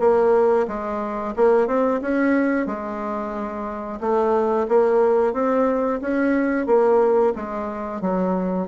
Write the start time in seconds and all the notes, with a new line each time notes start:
0.00 A#3
0.68 G#3
1.36 A#3
1.68 C4
2.02 C#4
2.67 G#3
4.01 A3
4.69 A#3
5.34 C4
6.02 C#4
6.67 A#3
7.36 G#3
8.02 F#3